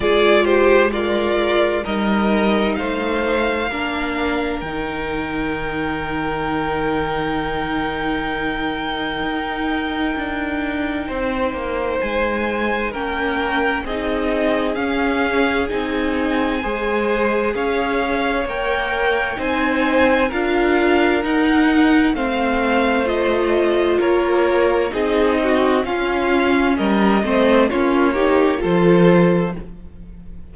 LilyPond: <<
  \new Staff \with { instrumentName = "violin" } { \time 4/4 \tempo 4 = 65 d''8 c''8 d''4 dis''4 f''4~ | f''4 g''2.~ | g''1~ | g''4 gis''4 g''4 dis''4 |
f''4 gis''2 f''4 | g''4 gis''4 f''4 fis''4 | f''4 dis''4 cis''4 dis''4 | f''4 dis''4 cis''4 c''4 | }
  \new Staff \with { instrumentName = "violin" } { \time 4/4 gis'8 g'8 f'4 ais'4 c''4 | ais'1~ | ais'1 | c''2 ais'4 gis'4~ |
gis'2 c''4 cis''4~ | cis''4 c''4 ais'2 | c''2 ais'4 gis'8 fis'8 | f'4 ais'8 c''8 f'8 g'8 a'4 | }
  \new Staff \with { instrumentName = "viola" } { \time 4/4 f'4 ais'4 dis'2 | d'4 dis'2.~ | dis'1~ | dis'2 cis'4 dis'4 |
cis'4 dis'4 gis'2 | ais'4 dis'4 f'4 dis'4 | c'4 f'2 dis'4 | cis'4. c'8 cis'8 dis'8 f'4 | }
  \new Staff \with { instrumentName = "cello" } { \time 4/4 gis2 g4 a4 | ais4 dis2.~ | dis2 dis'4 d'4 | c'8 ais8 gis4 ais4 c'4 |
cis'4 c'4 gis4 cis'4 | ais4 c'4 d'4 dis'4 | a2 ais4 c'4 | cis'4 g8 a8 ais4 f4 | }
>>